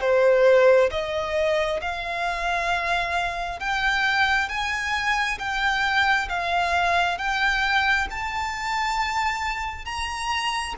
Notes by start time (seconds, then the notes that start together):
0.00 C5
0.91 D#5
1.81 F5
3.59 G5
4.49 G#5
5.39 G5
6.28 F5
7.18 G5
8.10 A5
9.85 A#5